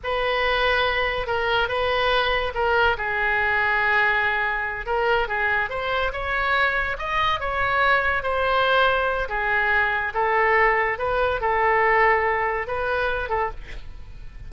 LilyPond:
\new Staff \with { instrumentName = "oboe" } { \time 4/4 \tempo 4 = 142 b'2. ais'4 | b'2 ais'4 gis'4~ | gis'2.~ gis'8 ais'8~ | ais'8 gis'4 c''4 cis''4.~ |
cis''8 dis''4 cis''2 c''8~ | c''2 gis'2 | a'2 b'4 a'4~ | a'2 b'4. a'8 | }